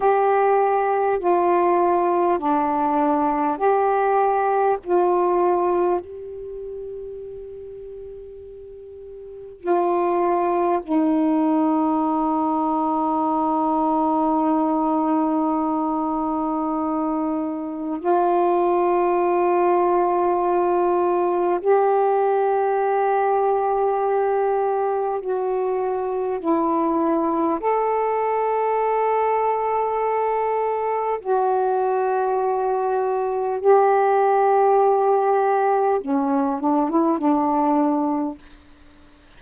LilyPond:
\new Staff \with { instrumentName = "saxophone" } { \time 4/4 \tempo 4 = 50 g'4 f'4 d'4 g'4 | f'4 g'2. | f'4 dis'2.~ | dis'2. f'4~ |
f'2 g'2~ | g'4 fis'4 e'4 a'4~ | a'2 fis'2 | g'2 cis'8 d'16 e'16 d'4 | }